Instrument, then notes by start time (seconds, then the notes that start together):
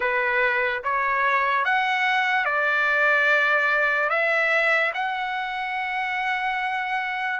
trumpet
0.00 B4
0.83 C#5
1.64 F#5
2.45 D5
4.09 E5
4.94 F#5